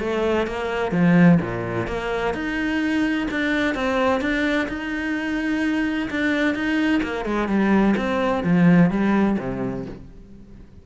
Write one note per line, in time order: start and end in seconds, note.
0.00 0.47 A3
0.47 0.92 A#3
0.92 1.39 F3
1.41 1.87 A#2
1.87 2.34 A#3
2.34 3.28 D#4
3.31 3.75 D4
3.75 4.21 C4
4.21 4.68 D4
4.69 6.09 D#4
6.10 6.55 D4
6.55 7.02 D#4
7.03 7.25 A#3
7.25 7.48 G#3
7.48 7.95 G3
7.97 8.44 C4
8.44 8.90 F3
8.90 9.37 G3
9.39 9.86 C3